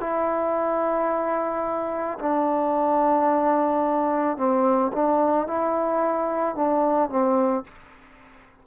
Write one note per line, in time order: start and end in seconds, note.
0.00 2.18 E4
2.19 4.37 D4
4.37 4.91 C4
4.92 5.47 D4
5.47 6.56 E4
6.56 7.10 D4
7.10 7.64 C4